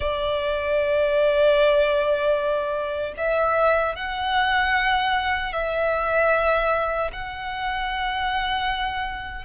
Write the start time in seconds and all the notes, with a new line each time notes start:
0.00 D5
3.17 E5
3.95 F#5
5.53 E5
7.12 F#5